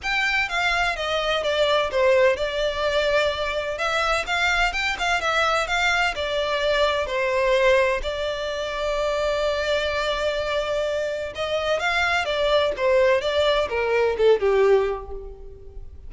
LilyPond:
\new Staff \with { instrumentName = "violin" } { \time 4/4 \tempo 4 = 127 g''4 f''4 dis''4 d''4 | c''4 d''2. | e''4 f''4 g''8 f''8 e''4 | f''4 d''2 c''4~ |
c''4 d''2.~ | d''1 | dis''4 f''4 d''4 c''4 | d''4 ais'4 a'8 g'4. | }